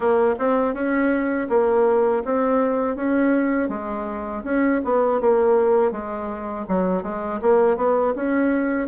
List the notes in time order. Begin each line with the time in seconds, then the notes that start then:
0.00 A#3
0.38 C4
0.73 C#4
1.49 A#3
2.24 C4
2.96 C#4
3.68 G#3
4.44 C#4
4.84 B3
5.21 A#3
5.91 G#3
6.68 F#3
7.02 G#3
7.41 A#3
7.76 B3
8.15 C#4